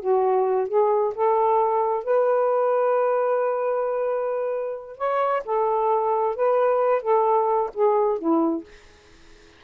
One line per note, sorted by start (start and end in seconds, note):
0.00 0.68 F#4
0.68 1.13 G#4
1.15 2.04 A4
2.04 4.97 B4
4.97 5.43 C#5
5.45 6.36 A4
6.36 7.02 B4
7.02 7.70 A4
7.74 8.18 G#4
8.18 8.64 E4